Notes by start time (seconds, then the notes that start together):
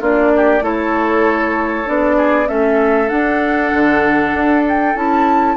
0.00 A#3 D4 F4 D5
0.36 G4
0.61 A3 E4 A4 C#5
1.85 B3 D4 D5
2.17 G#4
2.46 A3 C#4 A4 E5
3.08 D4 F#5
3.73 D3
4.33 D4
4.68 G5
4.95 C#4 E4 A5